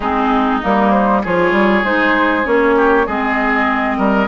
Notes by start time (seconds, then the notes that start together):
0.00 G#3 C4 D#4 G#4
0.62 G3 A#3 A#4
0.90 C5
1.22 F3 F4 G#4 C#5
1.51 G3
1.83 G#3 D#4 C5
2.43 A#3 C#4 C#5
2.76 G4
3.06 G#3 C4 G#4 D#5
3.97 G3 A#4